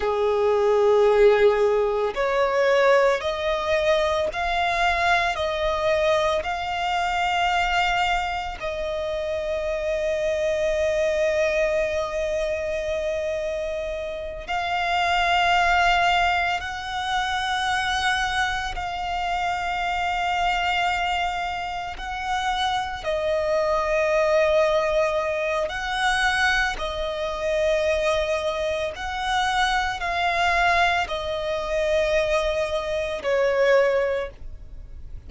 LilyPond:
\new Staff \with { instrumentName = "violin" } { \time 4/4 \tempo 4 = 56 gis'2 cis''4 dis''4 | f''4 dis''4 f''2 | dis''1~ | dis''4. f''2 fis''8~ |
fis''4. f''2~ f''8~ | f''8 fis''4 dis''2~ dis''8 | fis''4 dis''2 fis''4 | f''4 dis''2 cis''4 | }